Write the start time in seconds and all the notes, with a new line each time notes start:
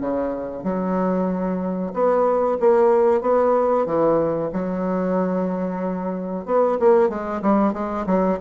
0.00 C#3
0.63 F#3
1.93 B3
2.60 A#3
3.21 B3
3.86 E3
4.52 F#3
6.45 B3
6.79 A#3
7.09 G#3
7.42 G3
7.73 G#3
8.06 F#3